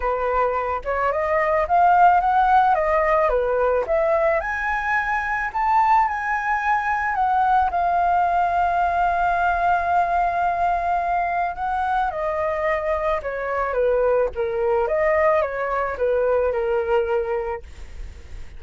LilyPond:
\new Staff \with { instrumentName = "flute" } { \time 4/4 \tempo 4 = 109 b'4. cis''8 dis''4 f''4 | fis''4 dis''4 b'4 e''4 | gis''2 a''4 gis''4~ | gis''4 fis''4 f''2~ |
f''1~ | f''4 fis''4 dis''2 | cis''4 b'4 ais'4 dis''4 | cis''4 b'4 ais'2 | }